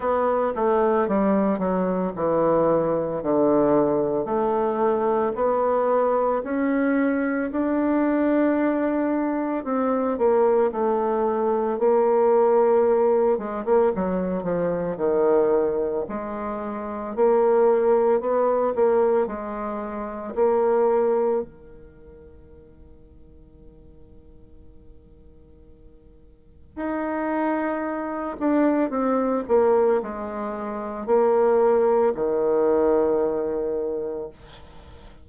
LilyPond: \new Staff \with { instrumentName = "bassoon" } { \time 4/4 \tempo 4 = 56 b8 a8 g8 fis8 e4 d4 | a4 b4 cis'4 d'4~ | d'4 c'8 ais8 a4 ais4~ | ais8 gis16 ais16 fis8 f8 dis4 gis4 |
ais4 b8 ais8 gis4 ais4 | dis1~ | dis4 dis'4. d'8 c'8 ais8 | gis4 ais4 dis2 | }